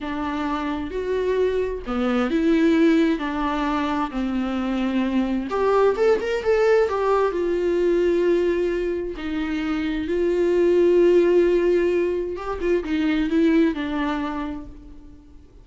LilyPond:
\new Staff \with { instrumentName = "viola" } { \time 4/4 \tempo 4 = 131 d'2 fis'2 | b4 e'2 d'4~ | d'4 c'2. | g'4 a'8 ais'8 a'4 g'4 |
f'1 | dis'2 f'2~ | f'2. g'8 f'8 | dis'4 e'4 d'2 | }